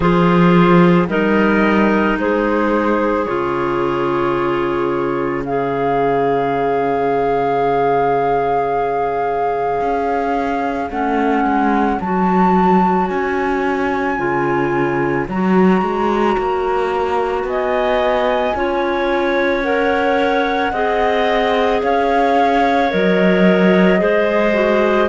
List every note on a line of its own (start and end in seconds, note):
0.00 1.08 F3
0.00 1.08 F4
0.00 1.08 G#4
0.00 1.07 C5
1.08 2.17 G3
1.08 3.26 D#4
1.08 2.18 A#4
1.08 2.18 D#5
2.17 3.26 G#3
2.17 5.45 G#4
2.17 3.24 C5
3.24 9.80 C#3
3.24 5.45 F4
3.24 5.42 C#5
5.45 10.91 G#4
5.45 17.45 C#5
5.45 10.90 F5
9.80 10.90 C#4
10.90 11.44 A3
10.90 12.00 C#4
10.90 11.99 F#5
11.44 11.98 G#3
12.00 13.10 F#3
12.00 14.17 F#4
12.00 13.07 A5
13.07 14.19 C#4
13.07 15.25 G#5
14.17 15.27 C#3
14.17 15.26 F4
15.27 15.81 F#3
15.27 18.55 F#4
15.27 17.46 A#5
15.81 16.36 G#3
16.37 17.43 A#3
17.43 18.52 B3
17.43 18.57 D#5
17.43 19.62 G#5
18.55 20.72 C#4
18.55 19.63 F4
18.55 20.72 C#5
19.62 20.72 A#4
19.62 21.80 F#5
20.72 21.81 C4
20.72 22.90 G#4
20.72 21.81 D#5
21.82 22.92 C#4
21.82 24.01 C#5
21.82 22.91 F5
22.90 24.01 F#3
22.90 23.98 A#4
22.90 25.09 D#5
23.98 25.09 G#3
23.98 24.52 G#4
23.98 25.09 C5
24.53 25.07 F#4